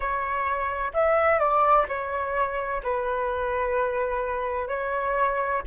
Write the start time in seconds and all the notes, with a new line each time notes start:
0.00 C#5
0.93 E5
1.38 D5
1.88 C#5
2.83 B4
4.68 C#5